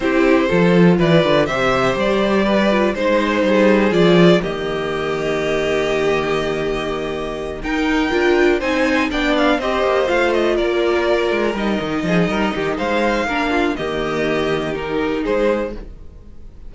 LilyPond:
<<
  \new Staff \with { instrumentName = "violin" } { \time 4/4 \tempo 4 = 122 c''2 d''4 e''4 | d''2 c''2 | d''4 dis''2.~ | dis''2.~ dis''8 g''8~ |
g''4. gis''4 g''8 f''8 dis''8~ | dis''8 f''8 dis''8 d''2 dis''8~ | dis''2 f''2 | dis''2 ais'4 c''4 | }
  \new Staff \with { instrumentName = "violin" } { \time 4/4 g'4 a'4 b'4 c''4~ | c''4 b'4 c''4 gis'4~ | gis'4 g'2.~ | g'2.~ g'8 ais'8~ |
ais'4. c''4 d''4 c''8~ | c''4. ais'2~ ais'8~ | ais'8 gis'8 ais'8 g'8 c''4 ais'8 f'8 | g'2. gis'4 | }
  \new Staff \with { instrumentName = "viola" } { \time 4/4 e'4 f'2 g'4~ | g'4. f'8 dis'2 | f'4 ais2.~ | ais2.~ ais8 dis'8~ |
dis'8 f'4 dis'4 d'4 g'8~ | g'8 f'2. dis'8~ | dis'2. d'4 | ais2 dis'2 | }
  \new Staff \with { instrumentName = "cello" } { \time 4/4 c'4 f4 e8 d8 c4 | g2 gis4 g4 | f4 dis2.~ | dis2.~ dis8 dis'8~ |
dis'8 d'4 c'4 b4 c'8 | ais8 a4 ais4. gis8 g8 | dis8 f8 g8 dis8 gis4 ais4 | dis2. gis4 | }
>>